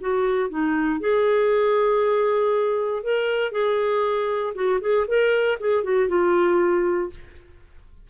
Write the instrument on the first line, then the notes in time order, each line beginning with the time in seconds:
clarinet
0.00 F#4
0.49 D#4
1.00 G#4
3.03 A#4
3.51 G#4
4.54 F#4
4.80 G#4
5.07 A#4
5.59 G#4
5.83 F#4
6.08 F4